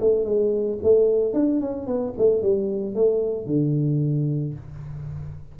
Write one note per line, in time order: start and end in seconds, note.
0.00 0.24 A3
0.24 0.78 G#3
0.83 1.33 A3
1.33 1.60 D4
1.60 1.86 C#4
1.86 2.13 B3
2.17 2.42 A3
2.42 2.95 G3
2.95 3.46 A3
3.46 4.54 D3